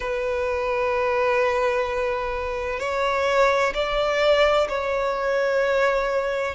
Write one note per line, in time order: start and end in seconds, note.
0.00 2.79 B4
2.79 3.73 C#5
3.74 4.67 D5
4.68 6.54 C#5